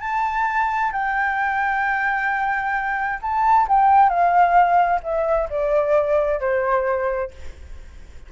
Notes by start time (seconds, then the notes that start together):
0.00 A5
0.92 G5
3.21 A5
3.68 G5
4.09 F5
5.02 E5
5.50 D5
6.40 C5